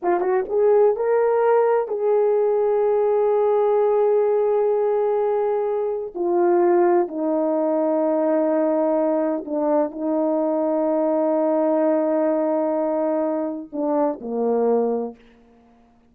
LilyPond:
\new Staff \with { instrumentName = "horn" } { \time 4/4 \tempo 4 = 127 f'8 fis'8 gis'4 ais'2 | gis'1~ | gis'1~ | gis'4 f'2 dis'4~ |
dis'1 | d'4 dis'2.~ | dis'1~ | dis'4 d'4 ais2 | }